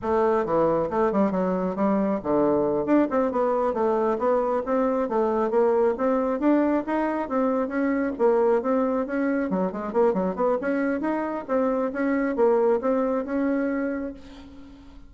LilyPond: \new Staff \with { instrumentName = "bassoon" } { \time 4/4 \tempo 4 = 136 a4 e4 a8 g8 fis4 | g4 d4. d'8 c'8 b8~ | b8 a4 b4 c'4 a8~ | a8 ais4 c'4 d'4 dis'8~ |
dis'8 c'4 cis'4 ais4 c'8~ | c'8 cis'4 fis8 gis8 ais8 fis8 b8 | cis'4 dis'4 c'4 cis'4 | ais4 c'4 cis'2 | }